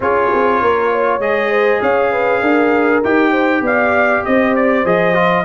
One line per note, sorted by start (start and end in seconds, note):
0.00 0.29 C#4
0.00 1.21 F4
0.00 0.61 G#4
0.00 1.20 C#5
0.33 0.61 C4
0.61 1.18 A#3
0.61 0.92 A#4
0.92 1.50 C#5
1.18 1.79 G#3
1.18 3.03 G#4
1.18 1.81 D#5
1.50 1.80 C5
1.81 2.42 C#4
1.81 2.11 C#5
1.81 3.03 F5
2.11 2.41 B4
2.41 3.02 D4
2.41 3.31 A#4
3.04 3.61 D#4
3.04 4.85 G4
3.04 3.64 G5
3.31 3.61 C5
3.61 4.21 B3
3.61 4.24 D5
3.61 4.24 F5
4.24 4.84 C4
4.24 5.44 C5
4.24 4.55 D#5
4.55 4.85 D5
4.84 5.44 F3
4.84 5.14 G#4
4.84 5.44 D#5
5.14 5.44 F4